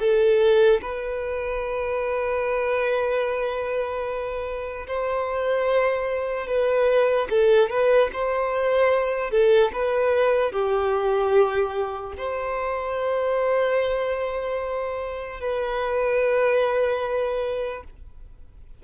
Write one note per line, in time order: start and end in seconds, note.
0.00 0.81 A4
0.82 4.87 B4
4.88 6.47 C5
6.47 7.28 B4
7.30 7.70 A4
7.70 8.11 B4
8.13 9.31 C5
9.31 9.72 A4
9.73 10.52 B4
10.52 12.14 G4
12.18 15.41 C5
15.41 17.84 B4